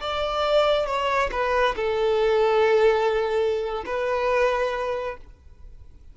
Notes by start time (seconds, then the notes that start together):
0.00 D5
0.86 C#5
1.31 B4
1.76 A4
3.85 B4